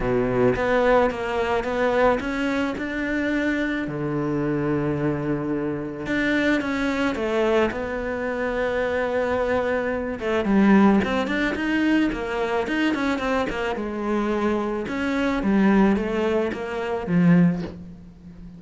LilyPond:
\new Staff \with { instrumentName = "cello" } { \time 4/4 \tempo 4 = 109 b,4 b4 ais4 b4 | cis'4 d'2 d4~ | d2. d'4 | cis'4 a4 b2~ |
b2~ b8 a8 g4 | c'8 d'8 dis'4 ais4 dis'8 cis'8 | c'8 ais8 gis2 cis'4 | g4 a4 ais4 f4 | }